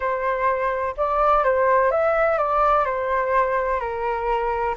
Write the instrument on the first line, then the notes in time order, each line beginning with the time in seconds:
flute
0.00 C5
0.97 D5
1.44 C5
1.91 E5
2.37 D5
2.85 C5
3.79 A#4